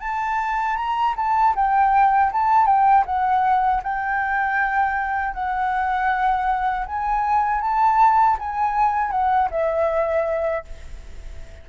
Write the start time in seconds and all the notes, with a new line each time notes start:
0.00 A5
0.76 A#5
1.16 A5
1.55 G5
2.32 A5
2.66 G5
3.05 F#5
3.83 G5
5.33 F#5
6.86 G#5
7.61 A5
8.39 G#5
9.11 F#5
9.50 E5